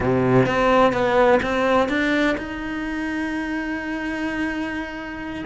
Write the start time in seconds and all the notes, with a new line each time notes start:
0.00 C3
0.46 C4
0.92 B3
1.42 C4
1.89 D4
2.37 D#4